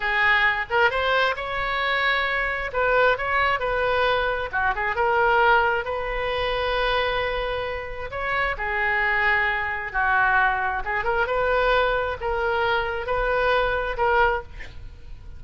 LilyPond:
\new Staff \with { instrumentName = "oboe" } { \time 4/4 \tempo 4 = 133 gis'4. ais'8 c''4 cis''4~ | cis''2 b'4 cis''4 | b'2 fis'8 gis'8 ais'4~ | ais'4 b'2.~ |
b'2 cis''4 gis'4~ | gis'2 fis'2 | gis'8 ais'8 b'2 ais'4~ | ais'4 b'2 ais'4 | }